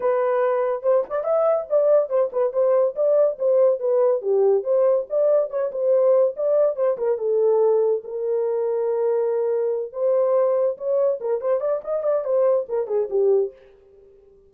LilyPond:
\new Staff \with { instrumentName = "horn" } { \time 4/4 \tempo 4 = 142 b'2 c''8 d''8 e''4 | d''4 c''8 b'8 c''4 d''4 | c''4 b'4 g'4 c''4 | d''4 cis''8 c''4. d''4 |
c''8 ais'8 a'2 ais'4~ | ais'2.~ ais'8 c''8~ | c''4. cis''4 ais'8 c''8 d''8 | dis''8 d''8 c''4 ais'8 gis'8 g'4 | }